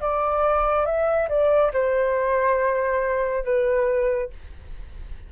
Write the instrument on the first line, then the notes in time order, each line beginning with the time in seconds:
flute
0.00 D5
0.85 E5
1.29 D5
1.73 C5
3.44 B4